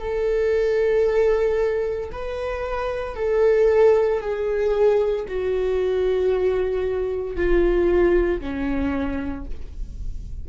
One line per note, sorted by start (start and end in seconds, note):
0.00 2.11 A4
2.12 3.16 B4
3.16 4.21 A4
4.21 5.26 G#4
5.28 7.37 F#4
7.37 8.41 F4
8.41 9.46 C#4